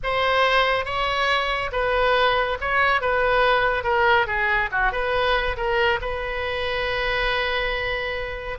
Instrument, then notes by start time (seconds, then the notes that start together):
oboe
0.03 C5
0.85 C#5
1.72 B4
2.60 C#5
3.01 B4
3.83 A#4
4.26 G#4
4.71 F#4
4.92 B4
5.56 A#4
6.01 B4